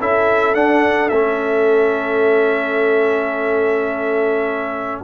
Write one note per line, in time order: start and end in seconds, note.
0.00 0.55 C#4
0.00 0.55 E4
0.00 5.04 A4
0.00 0.55 E5
0.55 1.11 D4
0.55 1.09 F#5
1.09 5.03 A3
1.09 5.04 C#4
1.09 5.02 E5